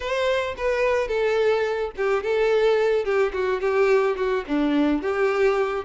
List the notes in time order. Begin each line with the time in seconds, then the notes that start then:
0.00 C5
0.57 B4
1.08 A4
1.96 G4
2.23 A4
3.04 G4
3.33 F#4
3.60 G4
4.16 F#4
4.47 D4
5.02 G4